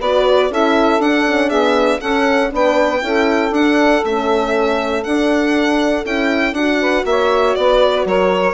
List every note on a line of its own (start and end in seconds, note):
0.00 0.50 B3
0.00 0.52 F#4
0.00 0.50 B4
0.00 0.52 D5
0.50 1.00 C#4
0.50 1.00 E4
0.50 1.48 A4
0.50 1.02 E5
1.00 1.25 D4
1.00 2.01 D4
1.00 1.49 F#5
1.26 1.51 C#4
1.48 2.02 B3
1.48 1.99 G#4
1.48 2.00 E5
2.00 2.53 C#4
2.00 2.50 C#4
2.00 2.51 A4
2.00 2.51 F#5
2.50 3.03 B3
2.50 3.00 D4
2.50 3.02 B4
2.56 3.54 G5
3.02 3.51 C#4
3.02 3.52 E4
3.02 6.80 A4
3.51 4.02 D4
3.51 4.04 D4
3.51 4.04 F#5
4.04 5.05 A3
4.04 5.05 C#4
4.04 5.04 E5
5.04 6.05 D4
5.04 6.05 F#5
6.05 6.53 C#4
6.05 6.55 E4
6.05 6.54 G5
6.53 7.03 D4
6.53 8.54 F#4
6.53 7.05 F#5
6.81 7.06 B4
7.05 7.56 A#3
7.05 7.59 C#5
7.05 7.55 E5
7.55 8.05 B3
7.55 8.06 B4
7.55 8.05 D5
8.05 8.54 F#3
8.05 8.54 A#4
8.05 8.54 C#5